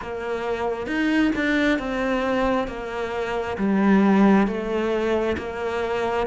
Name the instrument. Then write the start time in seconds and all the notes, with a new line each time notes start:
cello
0.01 A#3
0.86 D#4
1.35 D4
1.79 C4
2.67 A#3
3.57 G3
4.47 A3
5.37 A#3